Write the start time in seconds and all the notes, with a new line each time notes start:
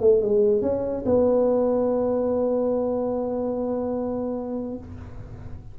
0.00 A3
0.21 G#3
0.61 C#4
1.05 B3